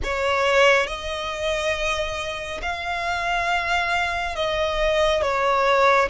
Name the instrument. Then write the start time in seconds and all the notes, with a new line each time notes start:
violin
0.03 C#5
0.87 D#5
2.62 F5
4.35 D#5
5.22 C#5